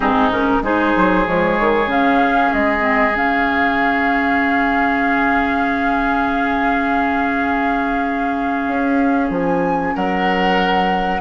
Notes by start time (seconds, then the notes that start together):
0.00 G#2 C4 D#4 G#4
0.31 C#4 A#4
0.62 G#3 D#4 G#4 C5
0.96 F#3
1.25 F3 G#3 C#5
1.59 D#3
1.86 C#3 C#4 F5
2.53 G#3 D#5
2.79 C4
3.15 C#3 C#4 F5
8.67 C#4
9.30 F3 G#5
9.95 F#3 A#4 F#5